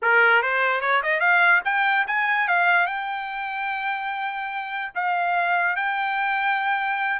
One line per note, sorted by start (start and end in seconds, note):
0.01 0.42 A#4
0.42 0.81 C5
0.81 1.01 C#5
1.02 1.20 D#5
1.20 1.61 F5
1.64 2.05 G5
2.07 2.48 G#5
2.48 2.86 F5
2.86 4.91 G5
4.94 5.76 F5
5.76 7.19 G5